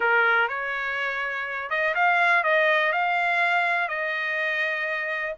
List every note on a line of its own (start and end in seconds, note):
0.00 0.48 A#4
0.48 1.70 C#5
1.70 1.94 D#5
1.94 2.43 F5
2.43 2.92 D#5
2.92 3.88 F5
3.88 5.34 D#5